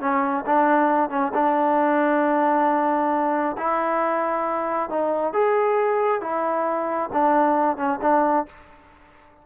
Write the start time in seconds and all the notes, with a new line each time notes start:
0.00 C#4
0.46 D4
1.09 C#4
1.34 D4
3.57 E4
4.89 D#4
5.33 G#4
6.21 E4
7.12 D4
7.76 C#4
8.01 D4